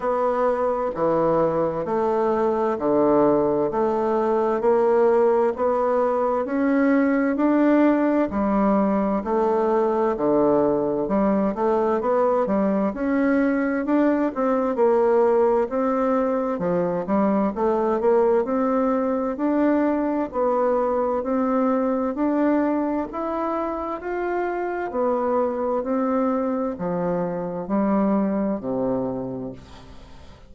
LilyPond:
\new Staff \with { instrumentName = "bassoon" } { \time 4/4 \tempo 4 = 65 b4 e4 a4 d4 | a4 ais4 b4 cis'4 | d'4 g4 a4 d4 | g8 a8 b8 g8 cis'4 d'8 c'8 |
ais4 c'4 f8 g8 a8 ais8 | c'4 d'4 b4 c'4 | d'4 e'4 f'4 b4 | c'4 f4 g4 c4 | }